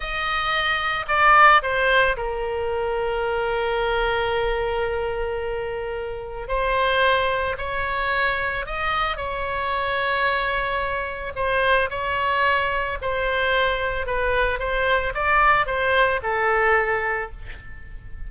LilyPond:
\new Staff \with { instrumentName = "oboe" } { \time 4/4 \tempo 4 = 111 dis''2 d''4 c''4 | ais'1~ | ais'1 | c''2 cis''2 |
dis''4 cis''2.~ | cis''4 c''4 cis''2 | c''2 b'4 c''4 | d''4 c''4 a'2 | }